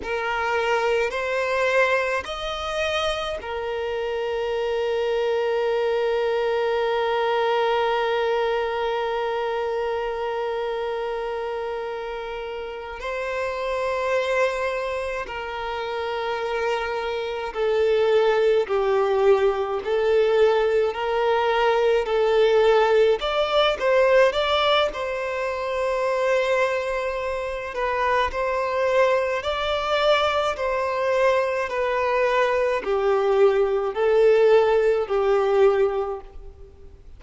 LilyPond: \new Staff \with { instrumentName = "violin" } { \time 4/4 \tempo 4 = 53 ais'4 c''4 dis''4 ais'4~ | ais'1~ | ais'2.~ ais'8 c''8~ | c''4. ais'2 a'8~ |
a'8 g'4 a'4 ais'4 a'8~ | a'8 d''8 c''8 d''8 c''2~ | c''8 b'8 c''4 d''4 c''4 | b'4 g'4 a'4 g'4 | }